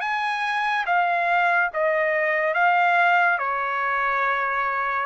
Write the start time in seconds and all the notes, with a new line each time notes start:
0.00 G#5
0.86 F5
1.73 D#5
2.54 F5
3.38 C#5